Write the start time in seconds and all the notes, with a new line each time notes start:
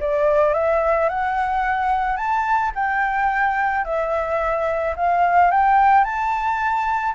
0.00 D5
0.54 E5
1.09 F#5
2.16 A5
2.74 G5
3.84 E5
4.96 F5
5.50 G5
6.04 A5